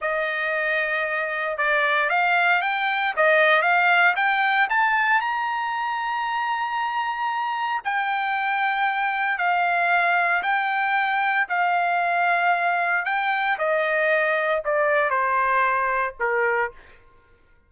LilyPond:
\new Staff \with { instrumentName = "trumpet" } { \time 4/4 \tempo 4 = 115 dis''2. d''4 | f''4 g''4 dis''4 f''4 | g''4 a''4 ais''2~ | ais''2. g''4~ |
g''2 f''2 | g''2 f''2~ | f''4 g''4 dis''2 | d''4 c''2 ais'4 | }